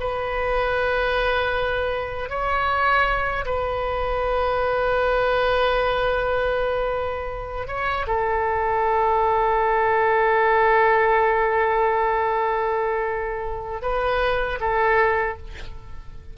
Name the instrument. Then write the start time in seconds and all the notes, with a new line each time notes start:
oboe
0.00 B4
2.30 C#5
3.45 B4
7.68 C#5
8.07 A4
13.82 B4
14.60 A4